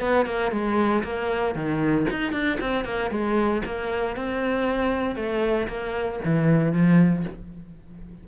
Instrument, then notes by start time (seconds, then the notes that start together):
cello
0.00 B3
0.26 A#3
0.51 G#3
1.03 A#3
1.55 D#3
2.10 D#4
2.32 D4
2.60 C4
2.84 A#3
3.10 G#3
3.65 A#3
4.16 C4
5.16 A3
5.68 A#3
6.24 E3
6.72 F3